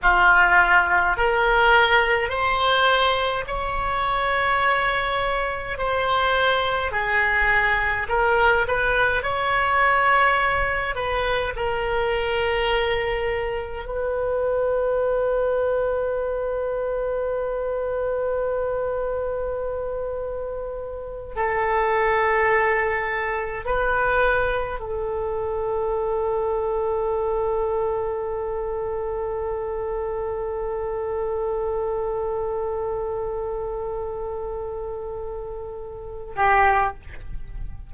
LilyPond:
\new Staff \with { instrumentName = "oboe" } { \time 4/4 \tempo 4 = 52 f'4 ais'4 c''4 cis''4~ | cis''4 c''4 gis'4 ais'8 b'8 | cis''4. b'8 ais'2 | b'1~ |
b'2~ b'8 a'4.~ | a'8 b'4 a'2~ a'8~ | a'1~ | a'2.~ a'8 g'8 | }